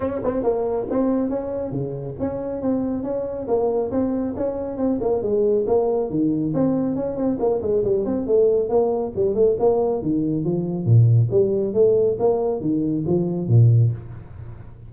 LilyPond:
\new Staff \with { instrumentName = "tuba" } { \time 4/4 \tempo 4 = 138 cis'8 c'8 ais4 c'4 cis'4 | cis4 cis'4 c'4 cis'4 | ais4 c'4 cis'4 c'8 ais8 | gis4 ais4 dis4 c'4 |
cis'8 c'8 ais8 gis8 g8 c'8 a4 | ais4 g8 a8 ais4 dis4 | f4 ais,4 g4 a4 | ais4 dis4 f4 ais,4 | }